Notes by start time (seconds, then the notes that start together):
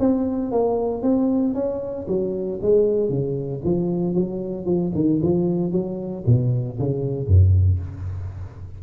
0.00 C4
0.52 A#3
1.02 C4
1.55 C#4
2.08 F#3
2.62 G#3
3.10 C#3
3.65 F3
4.15 F#3
4.66 F3
4.95 D#3
5.23 F3
5.72 F#3
6.27 B2
6.79 C#3
7.28 F#2